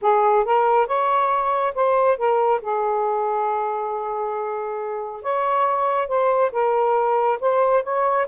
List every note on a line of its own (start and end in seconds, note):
0.01 0.44 G#4
0.44 0.86 A#4
0.86 1.73 C#5
1.75 2.17 C5
2.17 2.61 A#4
2.61 5.22 G#4
5.22 6.08 C#5
6.08 6.51 C5
6.52 7.39 A#4
7.40 7.83 C5
7.83 8.26 C#5